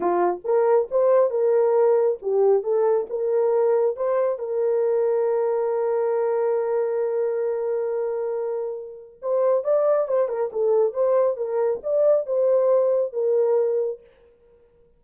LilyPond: \new Staff \with { instrumentName = "horn" } { \time 4/4 \tempo 4 = 137 f'4 ais'4 c''4 ais'4~ | ais'4 g'4 a'4 ais'4~ | ais'4 c''4 ais'2~ | ais'1~ |
ais'1~ | ais'4 c''4 d''4 c''8 ais'8 | a'4 c''4 ais'4 d''4 | c''2 ais'2 | }